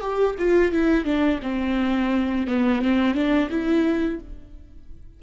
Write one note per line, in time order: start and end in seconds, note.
0.00 0.35 G4
0.38 0.72 F4
0.72 1.04 E4
1.04 1.39 D4
1.42 2.47 C4
2.47 2.81 B3
2.81 3.14 C4
3.14 3.49 D4
3.49 4.19 E4